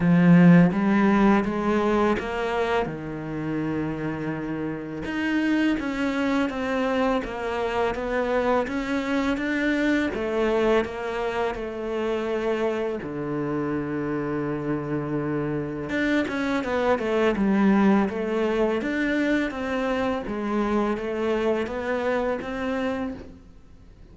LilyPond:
\new Staff \with { instrumentName = "cello" } { \time 4/4 \tempo 4 = 83 f4 g4 gis4 ais4 | dis2. dis'4 | cis'4 c'4 ais4 b4 | cis'4 d'4 a4 ais4 |
a2 d2~ | d2 d'8 cis'8 b8 a8 | g4 a4 d'4 c'4 | gis4 a4 b4 c'4 | }